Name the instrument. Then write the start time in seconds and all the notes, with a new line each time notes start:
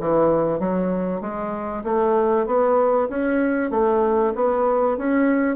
bassoon
0.00 E3
0.59 F#3
1.21 G#3
1.84 A3
2.46 B3
3.09 C#4
3.71 A3
4.35 B3
4.97 C#4